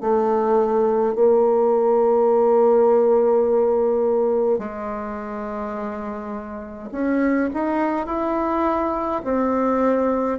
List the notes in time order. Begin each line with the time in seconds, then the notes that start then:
0.00 A3
1.15 A#3
4.58 G#3
6.91 C#4
7.53 D#4
8.06 E4
9.24 C4